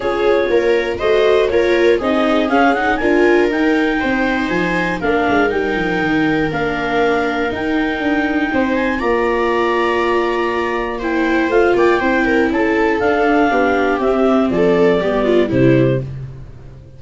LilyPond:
<<
  \new Staff \with { instrumentName = "clarinet" } { \time 4/4 \tempo 4 = 120 cis''2 dis''4 cis''4 | dis''4 f''8 fis''8 gis''4 g''4~ | g''4 gis''4 f''4 g''4~ | g''4 f''2 g''4~ |
g''4. gis''8 ais''2~ | ais''2 g''4 f''8 g''8~ | g''4 a''4 f''2 | e''4 d''2 c''4 | }
  \new Staff \with { instrumentName = "viola" } { \time 4/4 gis'4 ais'4 c''4 ais'4 | gis'2 ais'2 | c''2 ais'2~ | ais'1~ |
ais'4 c''4 d''2~ | d''2 c''4. d''8 | c''8 ais'8 a'2 g'4~ | g'4 a'4 g'8 f'8 e'4 | }
  \new Staff \with { instrumentName = "viola" } { \time 4/4 f'2 fis'4 f'4 | dis'4 cis'8 dis'8 f'4 dis'4~ | dis'2 d'4 dis'4~ | dis'4 d'2 dis'4~ |
dis'2 f'2~ | f'2 e'4 f'4 | e'2 d'2 | c'2 b4 g4 | }
  \new Staff \with { instrumentName = "tuba" } { \time 4/4 cis'4 ais4 a4 ais4 | c'4 cis'4 d'4 dis'4 | c'4 f4 ais8 gis8 g8 f8 | dis4 ais2 dis'4 |
d'4 c'4 ais2~ | ais2. a8 ais8 | c'4 cis'4 d'4 b4 | c'4 f4 g4 c4 | }
>>